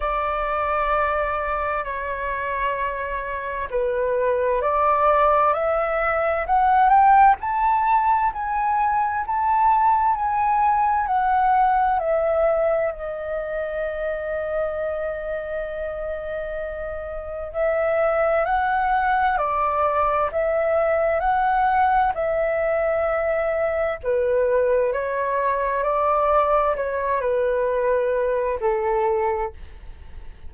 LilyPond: \new Staff \with { instrumentName = "flute" } { \time 4/4 \tempo 4 = 65 d''2 cis''2 | b'4 d''4 e''4 fis''8 g''8 | a''4 gis''4 a''4 gis''4 | fis''4 e''4 dis''2~ |
dis''2. e''4 | fis''4 d''4 e''4 fis''4 | e''2 b'4 cis''4 | d''4 cis''8 b'4. a'4 | }